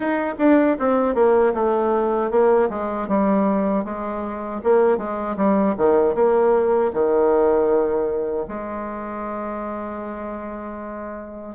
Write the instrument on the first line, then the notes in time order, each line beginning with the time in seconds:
bassoon
0.00 D#4
0.38 D4
0.79 C4
1.14 A#3
1.53 A3
2.30 A#3
2.69 G#3
3.08 G3
3.84 G#3
4.63 A#3
4.97 G#3
5.36 G3
5.77 D#3
6.14 A#3
6.93 D#3
8.48 G#3